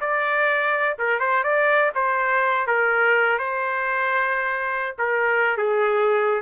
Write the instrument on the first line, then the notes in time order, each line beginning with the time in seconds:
trumpet
0.00 D5
0.98 A#4
1.19 C5
1.43 D5
1.94 C5
2.66 A#4
3.38 C5
4.98 A#4
5.57 G#4